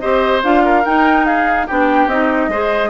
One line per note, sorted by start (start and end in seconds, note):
0.00 0.44 C4
0.00 0.43 G4
0.00 0.64 C5
0.00 0.41 D#5
0.43 0.86 D4
0.43 0.85 F4
0.43 0.85 F5
0.65 1.26 A#4
0.86 1.68 D#4
0.86 1.69 D#4
0.86 1.25 G5
1.25 1.67 G#4
1.25 1.67 F5
1.67 2.07 B3
1.67 2.11 D4
1.67 2.50 G4
1.67 2.09 G5
2.07 2.49 C4
2.07 2.52 D#4
2.07 2.90 D#5
2.49 2.90 G#3
2.49 2.90 G#4
2.49 2.90 C5